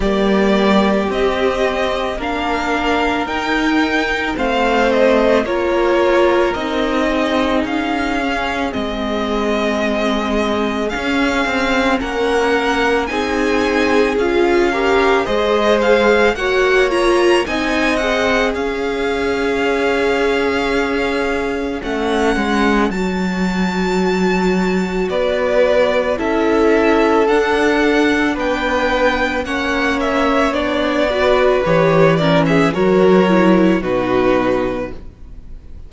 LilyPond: <<
  \new Staff \with { instrumentName = "violin" } { \time 4/4 \tempo 4 = 55 d''4 dis''4 f''4 g''4 | f''8 dis''8 cis''4 dis''4 f''4 | dis''2 f''4 fis''4 | gis''4 f''4 dis''8 f''8 fis''8 ais''8 |
gis''8 fis''8 f''2. | fis''4 a''2 d''4 | e''4 fis''4 g''4 fis''8 e''8 | d''4 cis''8 d''16 e''16 cis''4 b'4 | }
  \new Staff \with { instrumentName = "violin" } { \time 4/4 g'2 ais'2 | c''4 ais'4. gis'4.~ | gis'2. ais'4 | gis'4. ais'8 c''4 cis''4 |
dis''4 cis''2.~ | cis''2. b'4 | a'2 b'4 cis''4~ | cis''8 b'4 ais'16 gis'16 ais'4 fis'4 | }
  \new Staff \with { instrumentName = "viola" } { \time 4/4 ais4 c'4 d'4 dis'4 | c'4 f'4 dis'4. cis'8 | c'2 cis'2 | dis'4 f'8 g'8 gis'4 fis'8 f'8 |
dis'8 gis'2.~ gis'8 | cis'4 fis'2. | e'4 d'2 cis'4 | d'8 fis'8 g'8 cis'8 fis'8 e'8 dis'4 | }
  \new Staff \with { instrumentName = "cello" } { \time 4/4 g4 c'4 ais4 dis'4 | a4 ais4 c'4 cis'4 | gis2 cis'8 c'8 ais4 | c'4 cis'4 gis4 ais4 |
c'4 cis'2. | a8 gis8 fis2 b4 | cis'4 d'4 b4 ais4 | b4 e4 fis4 b,4 | }
>>